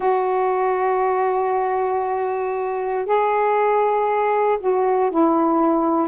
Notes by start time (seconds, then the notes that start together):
0.00 F#4
3.05 G#4
4.59 F#4
5.10 E4